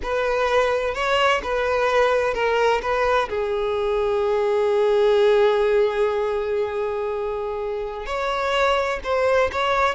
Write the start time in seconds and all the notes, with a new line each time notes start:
0.02 B4
0.94 C#5
1.43 B4
2.34 A#4
2.82 B4
3.29 G#4
8.06 C#5
9.03 C5
9.52 C#5